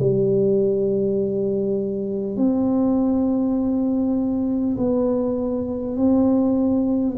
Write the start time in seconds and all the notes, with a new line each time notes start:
0.00 G3
2.37 C4
4.78 B3
5.97 C4